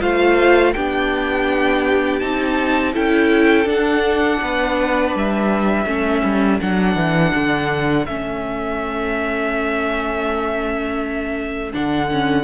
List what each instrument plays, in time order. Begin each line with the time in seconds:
0.00 cello A3, viola F4, violin C5 F5
0.73 cello B3, viola D4, violin G4 G5
2.19 cello C4, viola D#4, violin A5
2.93 cello C#4, viola E4, violin A4 G5
3.65 viola D4, cello D4, violin F#5
4.41 cello B3, violin B4
5.15 cello G3, violin E5
5.85 cello A3, viola C#4, violin A4
6.23 cello G3
6.60 cello F#3, viola D4, violin F#5
6.95 cello E3
7.34 cello D3
8.05 cello A3, viola C#4, violin E5
11.72 cello D3, viola D4, violin F#5
12.12 viola C#4